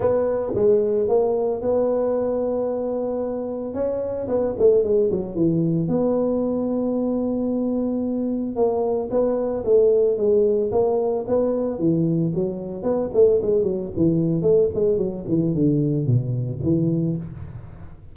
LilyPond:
\new Staff \with { instrumentName = "tuba" } { \time 4/4 \tempo 4 = 112 b4 gis4 ais4 b4~ | b2. cis'4 | b8 a8 gis8 fis8 e4 b4~ | b1 |
ais4 b4 a4 gis4 | ais4 b4 e4 fis4 | b8 a8 gis8 fis8 e4 a8 gis8 | fis8 e8 d4 b,4 e4 | }